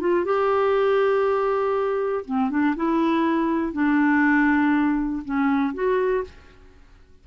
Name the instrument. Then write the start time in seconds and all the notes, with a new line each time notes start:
clarinet
0.00 F4
0.25 G4
2.25 C4
2.50 D4
2.76 E4
3.73 D4
5.25 C#4
5.74 F#4